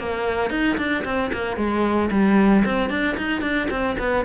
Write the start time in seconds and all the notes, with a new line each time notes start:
0.00 A#3
0.51 D#4
0.78 D4
1.05 C4
1.33 A#3
1.57 G#3
2.11 G3
2.65 C4
2.90 D4
3.18 D#4
3.42 D4
3.71 C4
3.99 B3